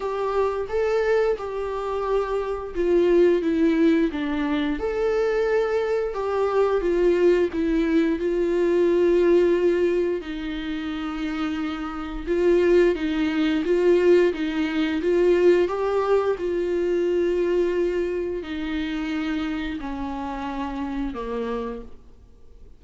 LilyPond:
\new Staff \with { instrumentName = "viola" } { \time 4/4 \tempo 4 = 88 g'4 a'4 g'2 | f'4 e'4 d'4 a'4~ | a'4 g'4 f'4 e'4 | f'2. dis'4~ |
dis'2 f'4 dis'4 | f'4 dis'4 f'4 g'4 | f'2. dis'4~ | dis'4 cis'2 ais4 | }